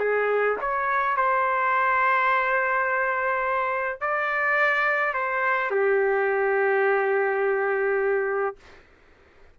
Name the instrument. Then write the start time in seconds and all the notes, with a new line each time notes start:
trumpet
0.00 G#4
0.61 C#5
1.17 C5
4.01 D5
5.14 C5
5.71 G4